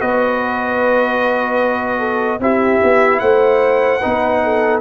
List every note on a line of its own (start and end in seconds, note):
0.00 2.40 B3
0.00 2.40 F#4
0.00 1.99 B4
0.00 2.41 D#5
1.99 2.39 A4
2.40 2.80 C4
2.40 4.00 E4
2.40 3.21 G4
2.40 3.19 E5
2.83 3.21 B3
3.19 4.01 A3
3.19 4.00 C5
3.19 4.79 F#5
4.00 4.81 B3
4.00 4.81 D#4
4.00 4.40 B4
4.43 4.81 A4